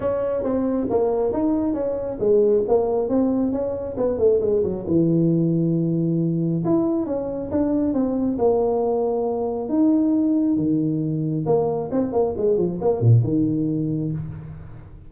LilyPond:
\new Staff \with { instrumentName = "tuba" } { \time 4/4 \tempo 4 = 136 cis'4 c'4 ais4 dis'4 | cis'4 gis4 ais4 c'4 | cis'4 b8 a8 gis8 fis8 e4~ | e2. e'4 |
cis'4 d'4 c'4 ais4~ | ais2 dis'2 | dis2 ais4 c'8 ais8 | gis8 f8 ais8 ais,8 dis2 | }